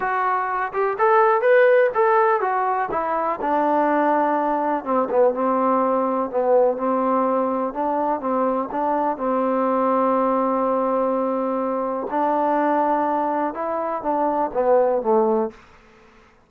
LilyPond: \new Staff \with { instrumentName = "trombone" } { \time 4/4 \tempo 4 = 124 fis'4. g'8 a'4 b'4 | a'4 fis'4 e'4 d'4~ | d'2 c'8 b8 c'4~ | c'4 b4 c'2 |
d'4 c'4 d'4 c'4~ | c'1~ | c'4 d'2. | e'4 d'4 b4 a4 | }